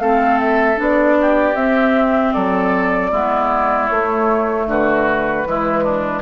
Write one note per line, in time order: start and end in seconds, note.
0.00 0.78 A3
0.00 0.76 C4
0.00 1.19 A4
0.00 0.40 F5
0.40 0.79 E5
0.76 1.55 B3
0.76 1.54 D4
0.83 1.56 D5
1.21 2.34 G4
1.55 2.33 C4
1.55 3.13 C4
1.55 2.33 E5
2.33 3.12 F#3
2.33 3.11 A4
2.33 3.88 D5
3.11 3.90 G#3
3.11 3.91 B3
3.11 4.67 E4
3.88 4.67 A3
3.88 5.46 A3
3.88 4.66 C#5
4.67 5.45 D3
4.67 5.48 F#4
4.67 6.22 B4
5.46 6.22 E3
5.46 6.22 G#3
5.46 5.84 E4
5.84 6.22 D4